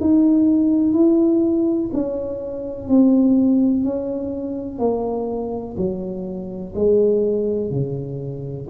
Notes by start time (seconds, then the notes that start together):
0.00 D#4
0.93 E4
1.93 C#4
2.88 C4
3.84 C#4
4.79 A#3
5.77 F#3
6.75 G#3
7.71 C#3